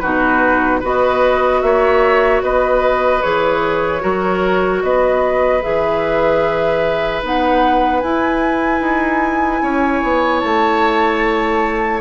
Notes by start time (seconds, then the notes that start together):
0.00 B2 D#4 F#4 B4
0.80 B3 F#4 B4
0.86 D#5
1.62 A#3 C#5 E5
2.42 B3 B4 D#5
3.22 E3 G#4 C#5
4.00 F#3 F#4 A#4
4.83 B3 B4 D#5
5.62 E3 G#4 E5
7.23 B3 D#4 F#5
8.00 E4 G#5
8.80 D#4
9.63 C#4 C#5
10.03 B3
10.40 A3 A5